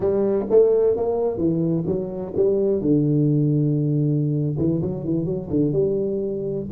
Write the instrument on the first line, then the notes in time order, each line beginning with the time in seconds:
tuba
0.00 G3
0.50 A3
0.96 A#3
1.37 E3
1.86 F#3
2.36 G3
2.81 D3
4.58 E3
4.82 F#3
5.04 E3
5.25 F#3
5.50 D3
5.72 G3